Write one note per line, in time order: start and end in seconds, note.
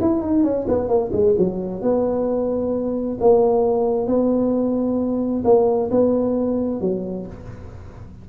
0.00 0.21 E4
0.21 0.43 D#4
0.43 0.66 C#4
0.68 0.88 B3
0.88 1.11 A#3
1.12 1.35 G#3
1.38 1.81 F#3
1.81 3.18 B3
3.20 4.07 A#3
4.07 5.43 B3
5.44 5.90 A#3
5.91 6.81 B3
6.81 7.26 F#3